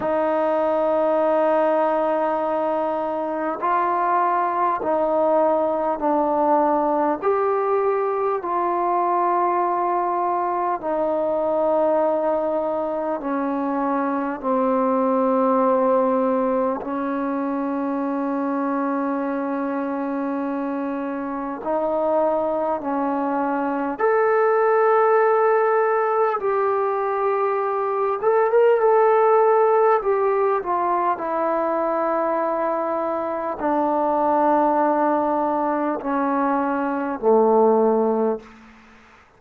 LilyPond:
\new Staff \with { instrumentName = "trombone" } { \time 4/4 \tempo 4 = 50 dis'2. f'4 | dis'4 d'4 g'4 f'4~ | f'4 dis'2 cis'4 | c'2 cis'2~ |
cis'2 dis'4 cis'4 | a'2 g'4. a'16 ais'16 | a'4 g'8 f'8 e'2 | d'2 cis'4 a4 | }